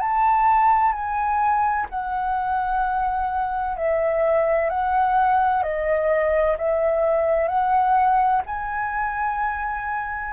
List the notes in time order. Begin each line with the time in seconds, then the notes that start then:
0.00 A5
0.92 G#5
1.90 F#5
3.77 E5
4.70 F#5
5.62 D#5
6.58 E5
7.48 F#5
8.46 G#5